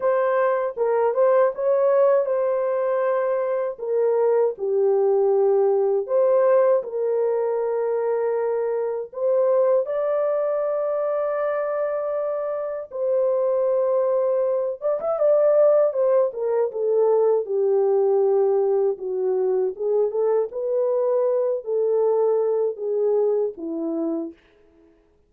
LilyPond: \new Staff \with { instrumentName = "horn" } { \time 4/4 \tempo 4 = 79 c''4 ais'8 c''8 cis''4 c''4~ | c''4 ais'4 g'2 | c''4 ais'2. | c''4 d''2.~ |
d''4 c''2~ c''8 d''16 e''16 | d''4 c''8 ais'8 a'4 g'4~ | g'4 fis'4 gis'8 a'8 b'4~ | b'8 a'4. gis'4 e'4 | }